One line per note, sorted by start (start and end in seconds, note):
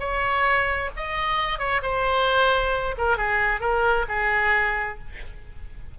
0.00 0.90 C#5
0.97 1.59 D#5
1.59 1.82 C#5
1.83 2.96 C5
2.98 3.18 A#4
3.18 3.61 G#4
3.61 4.06 A#4
4.09 4.99 G#4